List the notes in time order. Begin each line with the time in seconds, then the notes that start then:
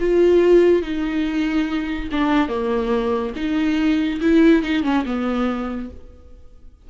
0.00 F4
0.82 D#4
2.12 D4
2.49 A#3
3.36 D#4
4.21 E4
4.63 D#4
4.84 C#4
5.06 B3